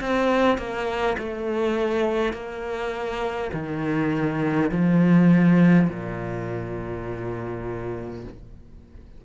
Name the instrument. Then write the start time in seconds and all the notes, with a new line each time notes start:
cello
0.00 C4
0.58 A#3
1.18 A3
2.33 A#3
3.53 D#3
4.71 F3
5.89 A#2